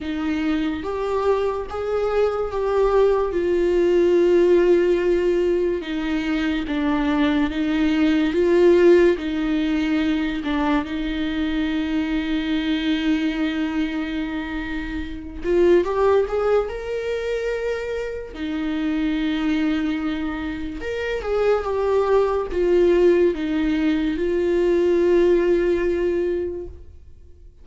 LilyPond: \new Staff \with { instrumentName = "viola" } { \time 4/4 \tempo 4 = 72 dis'4 g'4 gis'4 g'4 | f'2. dis'4 | d'4 dis'4 f'4 dis'4~ | dis'8 d'8 dis'2.~ |
dis'2~ dis'8 f'8 g'8 gis'8 | ais'2 dis'2~ | dis'4 ais'8 gis'8 g'4 f'4 | dis'4 f'2. | }